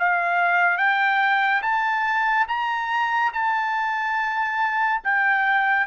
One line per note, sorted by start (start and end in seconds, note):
0.00 0.78 F5
0.78 1.62 G5
1.62 2.47 A5
2.48 3.33 A#5
3.33 5.02 A5
5.04 5.87 G5